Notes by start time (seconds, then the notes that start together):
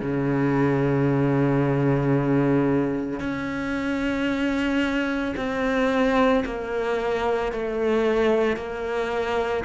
0.00 C#3
3.19 C#4
5.36 C4
6.45 A#3
7.52 A3
8.56 A#3